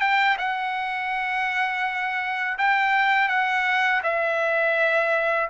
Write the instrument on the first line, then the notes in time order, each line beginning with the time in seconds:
trumpet
0.00 G5
0.38 F#5
2.58 G5
3.28 F#5
4.03 E5